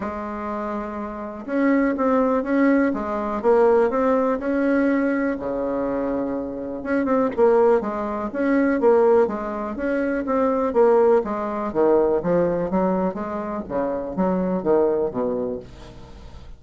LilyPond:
\new Staff \with { instrumentName = "bassoon" } { \time 4/4 \tempo 4 = 123 gis2. cis'4 | c'4 cis'4 gis4 ais4 | c'4 cis'2 cis4~ | cis2 cis'8 c'8 ais4 |
gis4 cis'4 ais4 gis4 | cis'4 c'4 ais4 gis4 | dis4 f4 fis4 gis4 | cis4 fis4 dis4 b,4 | }